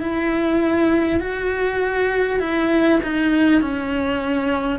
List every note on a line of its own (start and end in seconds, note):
0.00 1.19 E4
1.19 2.39 F#4
2.39 2.99 E4
3.03 3.61 D#4
3.61 4.79 C#4